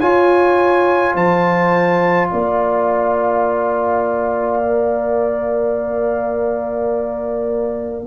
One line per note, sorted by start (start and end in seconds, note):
0.00 4.62 F4
0.00 1.14 F4
0.00 1.14 C#5
0.00 1.15 G#5
1.14 2.30 F3
1.14 2.29 C5
1.14 2.28 A5
2.28 8.06 A#3
2.28 8.06 D5
2.28 8.05 F5
4.62 8.06 A#4